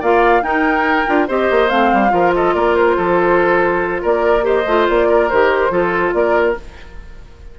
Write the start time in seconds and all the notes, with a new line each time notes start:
0.00 A#3 F4 D5 F5
0.42 D#4 A#4 G5
1.07 D4 F4
1.28 C4 G4 C5 D#5
1.51 A#3
1.69 A3 C4 F5
1.93 G3
2.09 F3 F4 A#4
2.34 A4 D#5
2.55 A#3 A#4 D5
2.76 C5
2.97 F3 A4
4.02 A#3 A#4 D5
4.42 G4 C5 D#5
4.66 A3 F4
4.89 A#3 D5
5.09 A#4
5.29 D#3 G4 C5
5.70 F3 F4 A4
6.13 A#3 A#4 D5